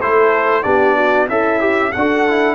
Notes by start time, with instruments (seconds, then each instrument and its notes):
0.00 tuba A3, trombone E4, horn A4, trumpet C5
0.63 tuba B3, trombone D4, horn G4, trumpet D5
0.96 horn F#4
1.27 tuba C#4, horn E4, trombone A4, trumpet E5
1.60 trombone G4
1.92 tuba D4, trombone F#4, trumpet F#5
1.98 horn A4
2.28 trombone E4